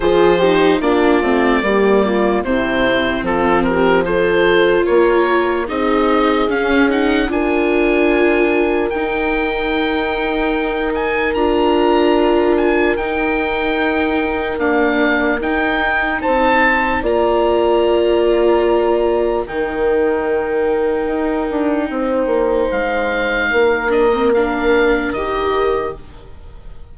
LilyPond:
<<
  \new Staff \with { instrumentName = "oboe" } { \time 4/4 \tempo 4 = 74 c''4 d''2 c''4 | a'8 ais'8 c''4 cis''4 dis''4 | f''8 fis''8 gis''2 g''4~ | g''4. gis''8 ais''4. gis''8 |
g''2 f''4 g''4 | a''4 ais''2. | g''1 | f''4. dis''8 f''4 dis''4 | }
  \new Staff \with { instrumentName = "horn" } { \time 4/4 gis'8 g'8 f'4 g'8 f'8 e'4 | f'8 g'8 a'4 ais'4 gis'4~ | gis'4 ais'2.~ | ais'1~ |
ais'1 | c''4 d''2. | ais'2. c''4~ | c''4 ais'2. | }
  \new Staff \with { instrumentName = "viola" } { \time 4/4 f'8 dis'8 d'8 c'8 ais4 c'4~ | c'4 f'2 dis'4 | cis'8 dis'8 f'2 dis'4~ | dis'2 f'2 |
dis'2 ais4 dis'4~ | dis'4 f'2. | dis'1~ | dis'4. d'16 c'16 d'4 g'4 | }
  \new Staff \with { instrumentName = "bassoon" } { \time 4/4 f4 ais8 a8 g4 c4 | f2 ais4 c'4 | cis'4 d'2 dis'4~ | dis'2 d'2 |
dis'2 d'4 dis'4 | c'4 ais2. | dis2 dis'8 d'8 c'8 ais8 | gis4 ais2 dis4 | }
>>